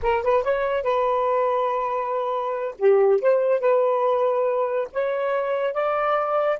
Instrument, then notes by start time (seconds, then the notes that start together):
saxophone
0.02 A#4
0.23 B4
0.43 C#5
0.83 B4
2.78 G4
3.21 C5
3.60 B4
4.93 C#5
5.73 D5